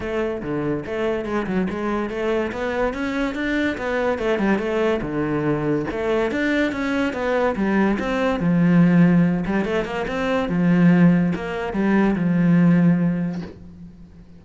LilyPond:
\new Staff \with { instrumentName = "cello" } { \time 4/4 \tempo 4 = 143 a4 d4 a4 gis8 fis8 | gis4 a4 b4 cis'4 | d'4 b4 a8 g8 a4 | d2 a4 d'4 |
cis'4 b4 g4 c'4 | f2~ f8 g8 a8 ais8 | c'4 f2 ais4 | g4 f2. | }